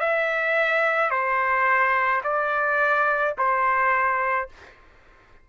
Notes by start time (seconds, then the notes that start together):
0.00 E5
1.10 C5
2.24 D5
3.38 C5